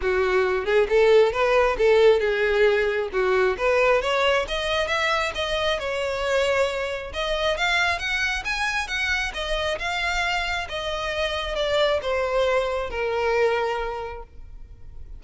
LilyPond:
\new Staff \with { instrumentName = "violin" } { \time 4/4 \tempo 4 = 135 fis'4. gis'8 a'4 b'4 | a'4 gis'2 fis'4 | b'4 cis''4 dis''4 e''4 | dis''4 cis''2. |
dis''4 f''4 fis''4 gis''4 | fis''4 dis''4 f''2 | dis''2 d''4 c''4~ | c''4 ais'2. | }